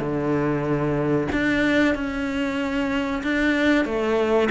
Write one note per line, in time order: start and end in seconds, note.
0.00 1.28 D3
1.32 1.95 D4
1.95 3.23 C#4
3.24 3.85 D4
3.85 4.49 A3